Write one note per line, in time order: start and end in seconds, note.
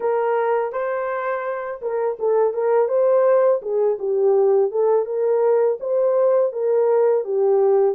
0.00 0.72 A#4
0.72 1.80 C5
1.81 2.17 A#4
2.19 2.53 A4
2.53 2.88 A#4
2.88 3.60 C5
3.61 3.98 G#4
3.99 4.71 G4
4.71 5.05 A4
5.05 5.77 A#4
5.80 6.52 C5
6.52 7.24 A#4
7.24 7.95 G4